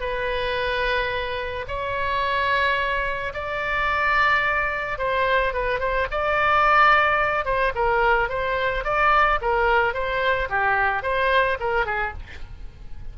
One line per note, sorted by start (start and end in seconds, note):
0.00 1.65 B4
1.68 3.33 C#5
3.34 4.98 D5
4.98 5.53 C5
5.53 5.79 B4
5.79 6.07 C5
6.11 7.45 D5
7.45 7.73 C5
7.75 8.29 A#4
8.29 8.84 C5
8.84 9.39 D5
9.41 9.94 A#4
9.94 10.49 C5
10.49 11.02 G4
11.02 11.57 C5
11.60 11.85 A#4
11.85 12.13 G#4